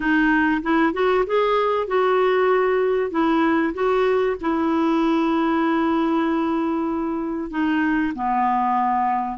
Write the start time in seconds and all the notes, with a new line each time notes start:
0.00 D#4
0.62 E4
0.93 F#4
1.26 G#4
1.87 F#4
3.11 E4
3.74 F#4
4.40 E4
7.50 D#4
8.14 B3